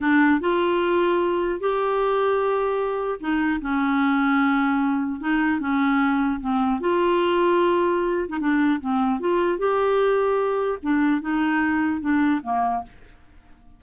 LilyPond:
\new Staff \with { instrumentName = "clarinet" } { \time 4/4 \tempo 4 = 150 d'4 f'2. | g'1 | dis'4 cis'2.~ | cis'4 dis'4 cis'2 |
c'4 f'2.~ | f'8. dis'16 d'4 c'4 f'4 | g'2. d'4 | dis'2 d'4 ais4 | }